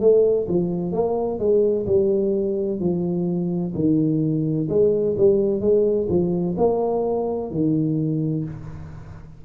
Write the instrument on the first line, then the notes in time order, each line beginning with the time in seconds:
tuba
0.00 A3
0.48 F3
0.92 A#3
1.39 G#3
1.86 G3
2.80 F3
3.75 D#3
4.69 G#3
5.17 G3
5.60 G#3
6.09 F3
6.57 A#3
7.51 D#3